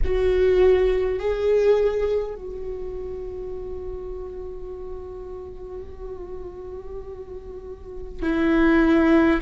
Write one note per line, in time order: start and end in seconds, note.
0.04 1.19 F#4
1.19 2.35 G#4
2.35 8.22 F#4
8.22 9.40 E4